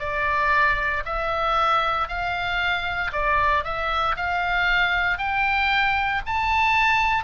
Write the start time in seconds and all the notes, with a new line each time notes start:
0.00 D5
1.06 E5
2.08 F5
3.13 D5
3.64 E5
4.17 F5
5.19 G5
6.26 A5